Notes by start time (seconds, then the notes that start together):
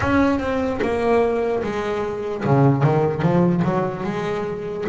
0.00 C#4
0.39 C4
0.81 A#3
1.63 G#3
2.45 C#3
2.83 D#3
3.22 F3
3.64 F#3
4.03 G#3